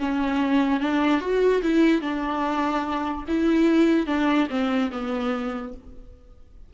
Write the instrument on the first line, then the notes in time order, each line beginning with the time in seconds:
viola
0.00 C#4
0.80 D4
1.21 F#4
1.63 E4
2.02 D4
3.28 E4
4.07 D4
4.50 C4
4.92 B3